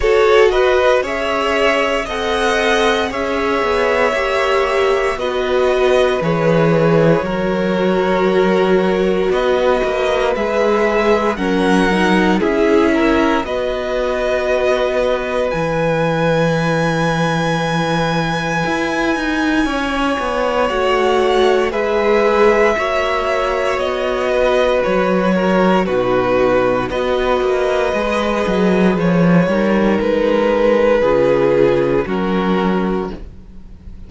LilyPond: <<
  \new Staff \with { instrumentName = "violin" } { \time 4/4 \tempo 4 = 58 cis''8 dis''8 e''4 fis''4 e''4~ | e''4 dis''4 cis''2~ | cis''4 dis''4 e''4 fis''4 | e''4 dis''2 gis''4~ |
gis''1 | fis''4 e''2 dis''4 | cis''4 b'4 dis''2 | cis''4 b'2 ais'4 | }
  \new Staff \with { instrumentName = "violin" } { \time 4/4 a'8 b'8 cis''4 dis''4 cis''4~ | cis''4 b'2 ais'4~ | ais'4 b'2 ais'4 | gis'8 ais'8 b'2.~ |
b'2. cis''4~ | cis''4 b'4 cis''4. b'8~ | b'8 ais'8 fis'4 b'2~ | b'8 ais'4. gis'4 fis'4 | }
  \new Staff \with { instrumentName = "viola" } { \time 4/4 fis'4 gis'4 a'4 gis'4 | g'4 fis'4 gis'4 fis'4~ | fis'2 gis'4 cis'8 dis'8 | e'4 fis'2 e'4~ |
e'1 | fis'4 gis'4 fis'2~ | fis'4 dis'4 fis'4 gis'4~ | gis'8 dis'4. f'4 cis'4 | }
  \new Staff \with { instrumentName = "cello" } { \time 4/4 fis'4 cis'4 c'4 cis'8 b8 | ais4 b4 e4 fis4~ | fis4 b8 ais8 gis4 fis4 | cis'4 b2 e4~ |
e2 e'8 dis'8 cis'8 b8 | a4 gis4 ais4 b4 | fis4 b,4 b8 ais8 gis8 fis8 | f8 g8 gis4 cis4 fis4 | }
>>